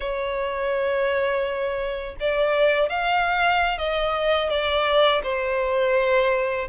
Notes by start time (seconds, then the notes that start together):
0.00 C#5
2.19 D5
2.89 F5
3.78 D#5
4.49 D5
5.23 C5